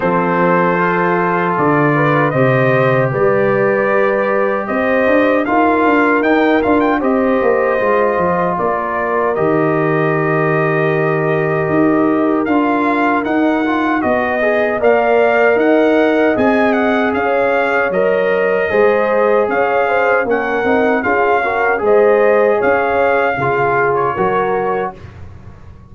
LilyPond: <<
  \new Staff \with { instrumentName = "trumpet" } { \time 4/4 \tempo 4 = 77 c''2 d''4 dis''4 | d''2 dis''4 f''4 | g''8 f''16 g''16 dis''2 d''4 | dis''1 |
f''4 fis''4 dis''4 f''4 | fis''4 gis''8 fis''8 f''4 dis''4~ | dis''4 f''4 fis''4 f''4 | dis''4 f''4.~ f''16 cis''4~ cis''16 | }
  \new Staff \with { instrumentName = "horn" } { \time 4/4 a'2~ a'8 b'8 c''4 | b'2 c''4 ais'4~ | ais'4 c''2 ais'4~ | ais'1~ |
ais'2 dis''4 d''4 | dis''2 cis''2 | c''4 cis''8 c''8 ais'4 gis'8 ais'8 | c''4 cis''4 gis'4 ais'4 | }
  \new Staff \with { instrumentName = "trombone" } { \time 4/4 c'4 f'2 g'4~ | g'2. f'4 | dis'8 f'8 g'4 f'2 | g'1 |
f'4 dis'8 f'8 fis'8 gis'8 ais'4~ | ais'4 gis'2 ais'4 | gis'2 cis'8 dis'8 f'8 fis'8 | gis'2 f'4 fis'4 | }
  \new Staff \with { instrumentName = "tuba" } { \time 4/4 f2 d4 c4 | g2 c'8 d'8 dis'8 d'8 | dis'8 d'8 c'8 ais8 gis8 f8 ais4 | dis2. dis'4 |
d'4 dis'4 b4 ais4 | dis'4 c'4 cis'4 fis4 | gis4 cis'4 ais8 c'8 cis'4 | gis4 cis'4 cis4 fis4 | }
>>